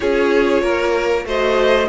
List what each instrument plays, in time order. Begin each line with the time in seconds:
0.00 cello C#4, viola F4, violin G#4 C#5
0.62 cello A#3, violin A#4
1.25 cello A3, viola F#4, violin C5 D#5